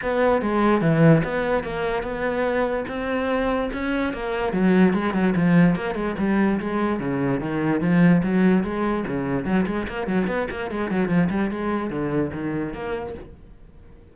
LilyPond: \new Staff \with { instrumentName = "cello" } { \time 4/4 \tempo 4 = 146 b4 gis4 e4 b4 | ais4 b2 c'4~ | c'4 cis'4 ais4 fis4 | gis8 fis8 f4 ais8 gis8 g4 |
gis4 cis4 dis4 f4 | fis4 gis4 cis4 fis8 gis8 | ais8 fis8 b8 ais8 gis8 fis8 f8 g8 | gis4 d4 dis4 ais4 | }